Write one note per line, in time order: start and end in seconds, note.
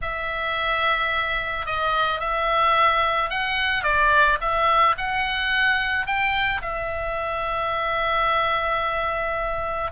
0.02 1.66 E5
1.66 2.20 D#5
2.20 3.30 E5
3.30 3.83 F#5
3.83 4.38 D5
4.40 4.95 E5
4.97 6.06 F#5
6.06 6.61 G5
6.61 9.91 E5